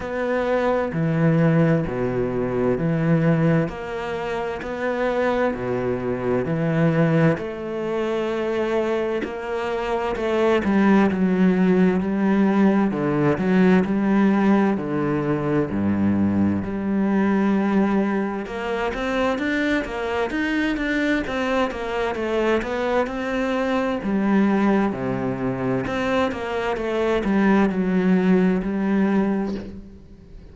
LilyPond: \new Staff \with { instrumentName = "cello" } { \time 4/4 \tempo 4 = 65 b4 e4 b,4 e4 | ais4 b4 b,4 e4 | a2 ais4 a8 g8 | fis4 g4 d8 fis8 g4 |
d4 g,4 g2 | ais8 c'8 d'8 ais8 dis'8 d'8 c'8 ais8 | a8 b8 c'4 g4 c4 | c'8 ais8 a8 g8 fis4 g4 | }